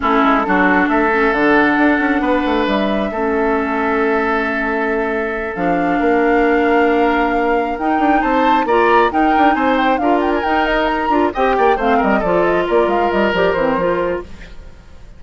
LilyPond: <<
  \new Staff \with { instrumentName = "flute" } { \time 4/4 \tempo 4 = 135 a'2 e''4 fis''4~ | fis''2 e''2~ | e''1~ | e''8 f''2.~ f''8~ |
f''4. g''4 a''4 ais''8~ | ais''8 g''4 gis''8 g''8 f''8 g''16 gis''16 g''8 | dis''8 ais''4 g''4 f''8 dis''8 d''8 | dis''8 d''8 f''8 dis''8 d''8 c''4. | }
  \new Staff \with { instrumentName = "oboe" } { \time 4/4 e'4 fis'4 a'2~ | a'4 b'2 a'4~ | a'1~ | a'4. ais'2~ ais'8~ |
ais'2~ ais'8 c''4 d''8~ | d''8 ais'4 c''4 ais'4.~ | ais'4. dis''8 d''8 c''8 ais'8 a'8~ | a'8 ais'2.~ ais'8 | }
  \new Staff \with { instrumentName = "clarinet" } { \time 4/4 cis'4 d'4. cis'8 d'4~ | d'2. cis'4~ | cis'1~ | cis'8 d'2.~ d'8~ |
d'4. dis'2 f'8~ | f'8 dis'2 f'4 dis'8~ | dis'4 f'8 g'4 c'4 f'8~ | f'2 g'8 c'8 f'4 | }
  \new Staff \with { instrumentName = "bassoon" } { \time 4/4 a8 gis8 fis4 a4 d4 | d'8 cis'8 b8 a8 g4 a4~ | a1~ | a8 f4 ais2~ ais8~ |
ais4. dis'8 d'8 c'4 ais8~ | ais8 dis'8 d'8 c'4 d'4 dis'8~ | dis'4 d'8 c'8 ais8 a8 g8 f8~ | f8 ais8 gis8 g8 f8 e8 f4 | }
>>